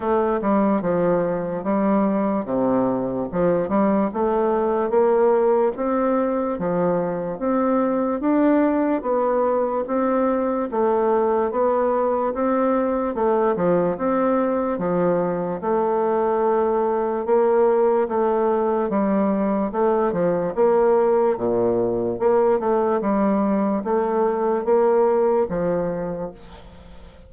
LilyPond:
\new Staff \with { instrumentName = "bassoon" } { \time 4/4 \tempo 4 = 73 a8 g8 f4 g4 c4 | f8 g8 a4 ais4 c'4 | f4 c'4 d'4 b4 | c'4 a4 b4 c'4 |
a8 f8 c'4 f4 a4~ | a4 ais4 a4 g4 | a8 f8 ais4 ais,4 ais8 a8 | g4 a4 ais4 f4 | }